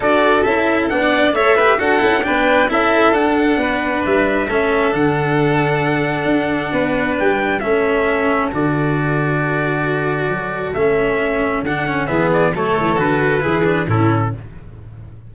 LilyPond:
<<
  \new Staff \with { instrumentName = "trumpet" } { \time 4/4 \tempo 4 = 134 d''4 e''4 fis''4 e''4 | fis''4 g''4 e''4 fis''4~ | fis''4 e''2 fis''4~ | fis''1 |
g''4 e''2 d''4~ | d''1 | e''2 fis''4 e''8 d''8 | cis''4 b'2 a'4 | }
  \new Staff \with { instrumentName = "violin" } { \time 4/4 a'2~ a'16 d''8. cis''8 b'8 | a'4 b'4 a'2 | b'2 a'2~ | a'2. b'4~ |
b'4 a'2.~ | a'1~ | a'2. gis'4 | a'2 gis'4 e'4 | }
  \new Staff \with { instrumentName = "cello" } { \time 4/4 fis'4 e'4 d'4 a'8 g'8 | fis'8 e'8 d'4 e'4 d'4~ | d'2 cis'4 d'4~ | d'1~ |
d'4 cis'2 fis'4~ | fis'1 | cis'2 d'8 cis'8 b4 | a4 fis'4 e'8 d'8 cis'4 | }
  \new Staff \with { instrumentName = "tuba" } { \time 4/4 d'4 cis'4 b4 a4 | d'8 cis'8 b4 cis'4 d'4 | b4 g4 a4 d4~ | d2 d'4 b4 |
g4 a2 d4~ | d2. fis4 | a2 d4 e4 | fis8 e8 d4 e4 a,4 | }
>>